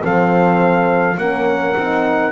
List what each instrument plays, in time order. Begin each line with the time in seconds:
0.00 double bass F3, horn C4, saxophone A4, trumpet F5
1.17 double bass A#3, horn C#4, saxophone A#4, trumpet F#5
1.76 double bass C4, horn D#4